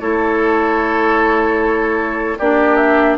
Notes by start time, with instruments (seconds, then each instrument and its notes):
0.00 bassoon A3, clarinet E4, oboe A4, flute C#5
2.38 bassoon A#3, clarinet D4, oboe G4, flute D5
2.76 flute E5